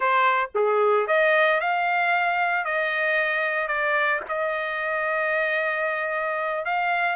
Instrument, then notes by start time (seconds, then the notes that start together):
trumpet
0.00 C5
0.54 G#4
1.07 D#5
1.60 F5
2.65 D#5
3.67 D5
4.28 D#5
6.65 F5